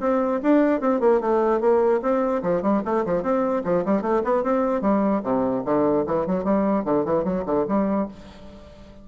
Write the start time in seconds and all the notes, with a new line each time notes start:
0.00 C4
0.42 D4
0.80 C4
1.00 A#3
1.20 A3
1.60 A#3
2.02 C4
2.42 F3
2.62 G3
2.84 A3
3.05 F3
3.22 C4
3.64 F3
3.85 G3
4.01 A3
4.24 B3
4.43 C4
4.81 G3
5.23 C3
5.64 D3
6.06 E3
6.26 F#3
6.44 G3
6.84 D3
7.04 E3
7.24 F#3
7.45 D3
7.68 G3